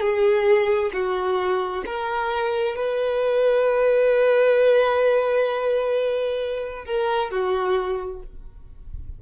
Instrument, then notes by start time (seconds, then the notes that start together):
violin
0.00 G#4
0.93 F#4
1.86 A#4
2.76 B4
6.86 A#4
7.31 F#4